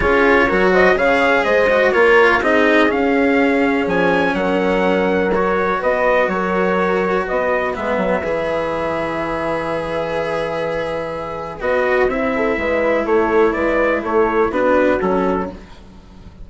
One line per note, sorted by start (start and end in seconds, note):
0.00 0.51 C#4
0.00 0.48 F4
0.00 0.47 G#4
0.00 0.72 C#5
0.47 0.94 F#3
0.47 0.95 F#4
0.47 0.72 A#4
0.72 0.96 C5
0.72 0.98 D#5
0.94 1.43 C#3
0.94 1.68 G#4
0.94 1.44 C#5
0.94 1.44 F5
1.44 1.93 G#3
1.44 1.92 C5
1.44 1.92 D#5
1.69 1.93 F#4
1.92 2.41 A#3
1.92 2.41 F4
1.92 2.41 A#4
1.92 2.40 C#5
2.41 2.90 C4
2.41 2.88 D#4
2.41 4.34 G#4
2.41 2.91 D#5
2.88 5.30 C#4
2.88 3.86 C#4
2.88 3.87 F5
3.86 4.33 F3
3.86 4.35 G#5
4.33 5.79 F#3
4.33 5.79 A#4
4.33 5.32 F#5
5.33 7.73 F#4
5.33 5.82 C#5
5.79 6.28 B3
5.79 6.27 B4
5.79 6.29 D#5
6.28 7.24 F#3
6.28 7.25 A#4
6.28 7.26 C#5
7.25 7.76 B3
7.25 12.33 B4
7.25 7.75 D#5
7.73 7.96 G#3
7.73 8.22 B3
7.73 11.61 E5
7.96 8.21 F#3
8.23 11.60 E3
8.23 11.60 G#4
11.60 12.08 B3
11.60 12.09 F#4
11.60 12.09 D#5
12.08 12.56 C4
12.08 14.52 E4
12.08 13.06 E5
12.35 12.59 A4
12.57 13.05 G#3
12.57 13.05 B4
13.05 13.54 A3
13.05 13.53 A4
13.05 13.52 C#5
13.52 14.03 G#3
13.52 14.02 B4
13.52 14.01 D5
14.02 14.50 A3
14.02 14.50 A4
14.02 14.52 C#5
14.50 14.98 B3
14.50 15.00 D4
14.50 15.47 F#4
14.50 15.01 B4
15.01 15.50 F#3
15.01 15.50 C#4
15.01 15.49 A4